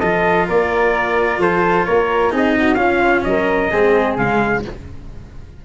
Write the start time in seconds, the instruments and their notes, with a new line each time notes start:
0.00 tuba F3, cello F4, flute A4, trumpet D#5
0.47 tuba A#3, flute A#4, trumpet D5
1.39 tuba F3, flute A4, trumpet C5
1.86 tuba A#3, flute A#4, trumpet C#5
2.30 tuba C4, cello D#4, flute G#4
2.37 trumpet D#5
2.58 flute F#4
2.75 tuba C#4, cello C#4, flute F4, trumpet F5
3.24 tuba F#3, flute A#4, trumpet D#5
3.71 tuba G#3, cello C4, flute G#4
4.18 tuba C#3, cello G#3, trumpet F5